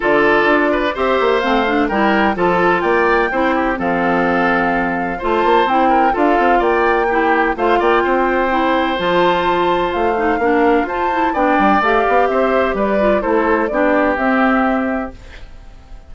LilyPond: <<
  \new Staff \with { instrumentName = "flute" } { \time 4/4 \tempo 4 = 127 d''2 e''4 f''4 | g''4 a''4 g''2 | f''2. a''4 | g''4 f''4 g''2 |
f''8 g''2~ g''8 a''4~ | a''4 f''2 a''4 | g''4 f''4 e''4 d''4 | c''4 d''4 e''2 | }
  \new Staff \with { instrumentName = "oboe" } { \time 4/4 a'4. b'8 c''2 | ais'4 a'4 d''4 c''8 g'8 | a'2. c''4~ | c''8 ais'8 a'4 d''4 g'4 |
c''8 d''8 c''2.~ | c''2 ais'4 c''4 | d''2 c''4 b'4 | a'4 g'2. | }
  \new Staff \with { instrumentName = "clarinet" } { \time 4/4 f'2 g'4 c'8 d'8 | e'4 f'2 e'4 | c'2. f'4 | e'4 f'2 e'4 |
f'2 e'4 f'4~ | f'4. dis'8 d'4 f'8 e'8 | d'4 g'2~ g'8 f'8 | e'4 d'4 c'2 | }
  \new Staff \with { instrumentName = "bassoon" } { \time 4/4 d4 d'4 c'8 ais8 a4 | g4 f4 ais4 c'4 | f2. a8 ais8 | c'4 d'8 c'8 ais2 |
a8 ais8 c'2 f4~ | f4 a4 ais4 f'4 | b8 g8 a8 b8 c'4 g4 | a4 b4 c'2 | }
>>